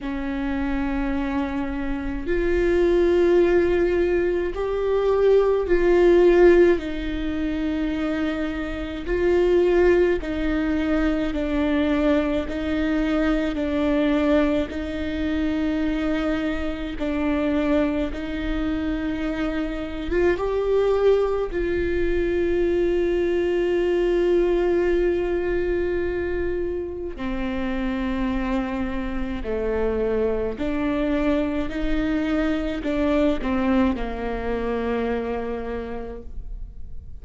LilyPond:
\new Staff \with { instrumentName = "viola" } { \time 4/4 \tempo 4 = 53 cis'2 f'2 | g'4 f'4 dis'2 | f'4 dis'4 d'4 dis'4 | d'4 dis'2 d'4 |
dis'4.~ dis'16 f'16 g'4 f'4~ | f'1 | c'2 a4 d'4 | dis'4 d'8 c'8 ais2 | }